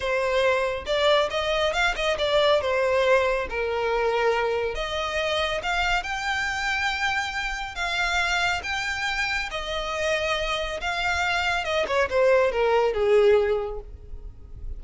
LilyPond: \new Staff \with { instrumentName = "violin" } { \time 4/4 \tempo 4 = 139 c''2 d''4 dis''4 | f''8 dis''8 d''4 c''2 | ais'2. dis''4~ | dis''4 f''4 g''2~ |
g''2 f''2 | g''2 dis''2~ | dis''4 f''2 dis''8 cis''8 | c''4 ais'4 gis'2 | }